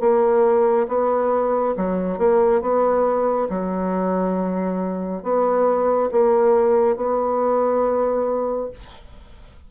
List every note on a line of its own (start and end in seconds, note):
0.00 0.87 A#3
0.88 1.75 B3
1.77 2.18 F#3
2.18 2.61 A#3
2.61 3.48 B3
3.49 5.23 F#3
5.23 6.10 B3
6.11 6.96 A#3
6.96 8.70 B3